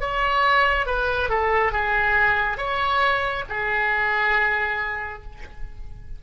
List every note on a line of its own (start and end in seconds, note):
0.00 0.86 C#5
0.86 1.29 B4
1.29 1.72 A4
1.72 2.57 G#4
2.57 3.44 C#5
3.49 5.23 G#4